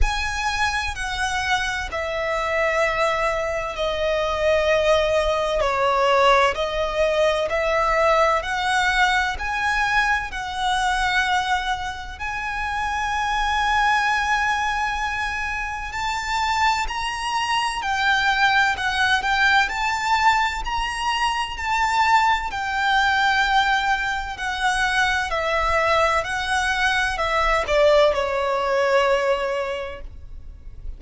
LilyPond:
\new Staff \with { instrumentName = "violin" } { \time 4/4 \tempo 4 = 64 gis''4 fis''4 e''2 | dis''2 cis''4 dis''4 | e''4 fis''4 gis''4 fis''4~ | fis''4 gis''2.~ |
gis''4 a''4 ais''4 g''4 | fis''8 g''8 a''4 ais''4 a''4 | g''2 fis''4 e''4 | fis''4 e''8 d''8 cis''2 | }